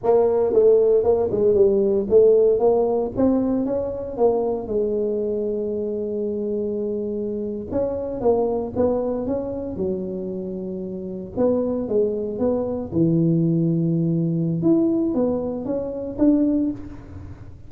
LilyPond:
\new Staff \with { instrumentName = "tuba" } { \time 4/4 \tempo 4 = 115 ais4 a4 ais8 gis8 g4 | a4 ais4 c'4 cis'4 | ais4 gis2.~ | gis2~ gis8. cis'4 ais16~ |
ais8. b4 cis'4 fis4~ fis16~ | fis4.~ fis16 b4 gis4 b16~ | b8. e2.~ e16 | e'4 b4 cis'4 d'4 | }